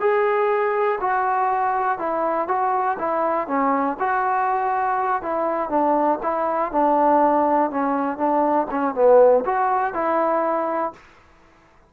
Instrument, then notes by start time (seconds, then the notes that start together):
trombone
0.00 G#4
1.01 F#4
1.99 E4
2.48 F#4
2.99 E4
3.48 C#4
3.99 F#4
5.22 E4
5.70 D4
6.23 E4
6.72 D4
7.71 C#4
8.18 D4
8.71 C#4
8.95 B3
9.45 F#4
9.94 E4